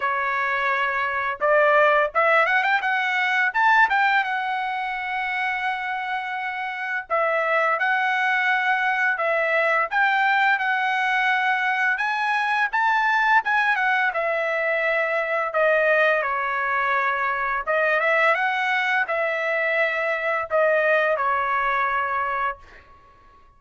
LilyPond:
\new Staff \with { instrumentName = "trumpet" } { \time 4/4 \tempo 4 = 85 cis''2 d''4 e''8 fis''16 g''16 | fis''4 a''8 g''8 fis''2~ | fis''2 e''4 fis''4~ | fis''4 e''4 g''4 fis''4~ |
fis''4 gis''4 a''4 gis''8 fis''8 | e''2 dis''4 cis''4~ | cis''4 dis''8 e''8 fis''4 e''4~ | e''4 dis''4 cis''2 | }